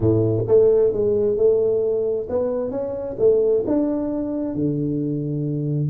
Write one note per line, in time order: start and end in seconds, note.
0.00 0.45 A2
0.47 0.92 A3
0.92 1.36 G#3
1.36 2.27 A3
2.29 2.70 B3
2.70 3.16 C#4
3.18 3.64 A3
3.66 4.54 D4
4.54 5.89 D3